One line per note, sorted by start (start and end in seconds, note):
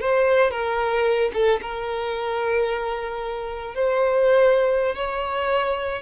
0.00 0.51 C5
0.51 1.31 A#4
1.33 1.60 A4
1.61 3.75 A#4
3.75 4.95 C5
4.95 6.02 C#5